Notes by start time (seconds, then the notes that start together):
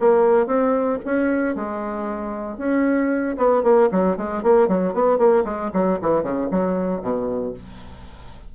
0.00 A#3
0.47 C4
1.05 C#4
1.56 G#3
2.58 C#4
3.38 B3
3.64 A#3
3.92 F#3
4.18 G#3
4.43 A#3
4.68 F#3
4.94 B3
5.18 A#3
5.45 G#3
5.74 F#3
6.02 E3
6.23 C#3
6.51 F#3
7.02 B2